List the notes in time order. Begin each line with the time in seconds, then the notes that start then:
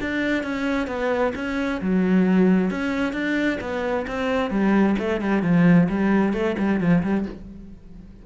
0.00 D4
0.43 C#4
0.87 B3
1.35 C#4
1.81 F#3
2.70 C#4
3.13 D4
3.61 B3
4.07 C4
4.50 G3
4.99 A3
5.21 G3
5.42 F3
5.89 G3
6.33 A3
6.58 G3
6.80 F3
7.03 G3